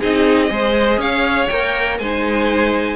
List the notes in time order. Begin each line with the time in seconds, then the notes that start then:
0.00 C4 D#4 G#4 D#5
0.48 G#3 G#4 C5
0.97 C#4 C#5 F5
1.49 A#3 A#4 G5
1.99 G#3 D#4 C5 G#5